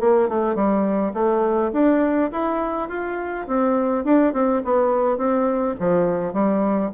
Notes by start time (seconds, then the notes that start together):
0.00 A#3
0.29 A3
0.55 G3
1.14 A3
1.73 D4
2.32 E4
2.89 F4
3.47 C4
4.05 D4
4.33 C4
4.64 B3
5.17 C4
5.80 F3
6.33 G3